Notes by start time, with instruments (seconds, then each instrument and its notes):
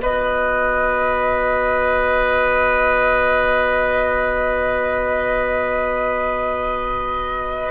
0.00 bassoon B3, clarinet F#4, oboe B4, flute D#5